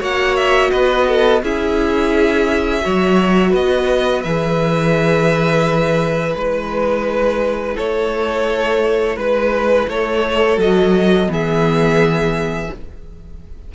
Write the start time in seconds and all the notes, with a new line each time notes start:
0.00 A#3 F#4 C#5 F#5
0.36 E5
0.71 B3 B4 D#5
1.08 A4
1.43 C#4 E4 G#4 E5
2.82 F#3 F#4 C#5
3.51 B3 B4 D#5
4.23 E3 G#4 E5
6.35 G#3 E4 B4
7.76 A3 A4 C#5
9.16 G#3 B4
9.88 A3 A4 C#5
10.58 F#3 F#4 D#5
11.27 E3 B3 G#4
11.34 E5